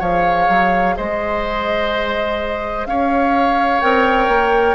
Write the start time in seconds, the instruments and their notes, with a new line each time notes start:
0.00 bassoon F3, clarinet G#4, oboe C#5, flute F5
0.49 bassoon F#3
0.97 bassoon G#3, oboe C5, flute D#5
2.86 bassoon C#4, oboe C#5, flute F5
3.81 bassoon C4, clarinet A#4, flute G5
4.28 bassoon A#3